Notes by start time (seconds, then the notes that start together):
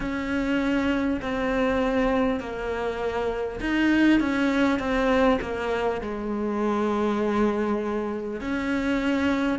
0.00 C#4
1.21 C4
2.40 A#3
3.60 D#4
4.20 C#4
4.79 C4
5.41 A#3
6.01 G#3
8.40 C#4